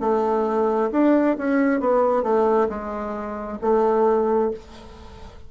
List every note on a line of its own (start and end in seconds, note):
0.00 0.90 A3
0.92 1.36 D4
1.38 1.80 C#4
1.80 2.23 B3
2.23 2.67 A3
2.69 3.58 G#3
3.61 4.51 A3